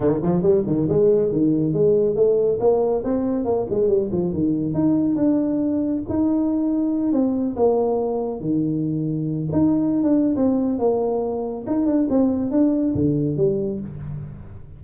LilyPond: \new Staff \with { instrumentName = "tuba" } { \time 4/4 \tempo 4 = 139 dis8 f8 g8 dis8 gis4 dis4 | gis4 a4 ais4 c'4 | ais8 gis8 g8 f8 dis4 dis'4 | d'2 dis'2~ |
dis'8 c'4 ais2 dis8~ | dis2 dis'4~ dis'16 d'8. | c'4 ais2 dis'8 d'8 | c'4 d'4 d4 g4 | }